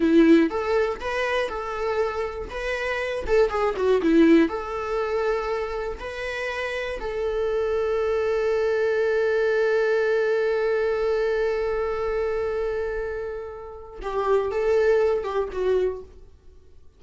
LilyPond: \new Staff \with { instrumentName = "viola" } { \time 4/4 \tempo 4 = 120 e'4 a'4 b'4 a'4~ | a'4 b'4. a'8 gis'8 fis'8 | e'4 a'2. | b'2 a'2~ |
a'1~ | a'1~ | a'1 | g'4 a'4. g'8 fis'4 | }